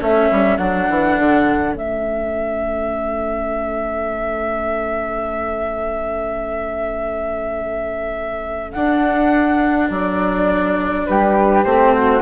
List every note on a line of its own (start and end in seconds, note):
0.00 0.30 A3
0.00 0.58 C#4
0.00 11.07 A4
0.00 0.58 E5
0.31 0.58 G3
0.58 0.87 F#3
0.58 1.75 D4
0.58 1.74 F#5
0.90 1.19 E3
1.19 1.74 D3
1.74 8.73 A3
1.74 8.74 C#4
1.74 8.72 E5
8.72 11.65 D4
8.72 9.90 D4
8.72 9.89 F#5
9.90 11.06 F#3
9.90 11.06 D5
11.06 11.65 G3
11.06 11.94 G4
11.06 11.63 B4
11.63 12.21 A3
11.63 12.21 C4
11.63 12.21 C5
11.94 12.21 F#4